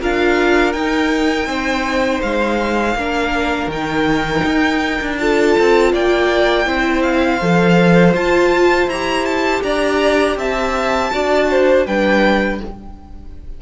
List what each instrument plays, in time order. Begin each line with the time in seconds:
0.00 cello D4, viola F4, violin A#4 F5
0.72 viola D#4, cello D#4, violin G5
1.46 cello C4, violin C5
2.22 cello G#3, violin F5
2.95 cello A#3, viola D4, violin A#4
3.67 cello D#3, viola D#4, violin G5
4.44 cello D#4
5.01 cello D4
5.18 viola F4, violin A4 A5
5.59 cello C4
5.93 cello A#3, violin D5 G5
6.66 cello C4, viola E4, violin C5
7.02 violin F5
7.41 cello F3, viola A4
8.14 cello F4, viola F4, violin A5
8.87 cello E4, viola G4, violin A#5
9.25 violin A5
9.63 cello D4, violin D5 A#5
10.37 cello C4, violin E5 A5
11.11 cello D4, viola F#4, violin D5
11.50 violin C5
11.86 cello G3, viola D4, violin B4 G5